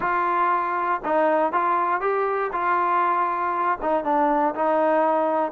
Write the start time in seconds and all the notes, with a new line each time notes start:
0.00 F4
1.05 D#4
1.52 F4
2.00 G4
2.52 F4
3.81 D#4
4.04 D4
4.54 D#4